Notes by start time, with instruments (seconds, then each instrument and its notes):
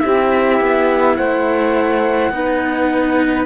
0.00 cello C4 E4, saxophone G4, trumpet E5
0.60 cello B3
1.16 cello A3, saxophone C5, trumpet F#5
2.30 cello B3 D#4, saxophone B4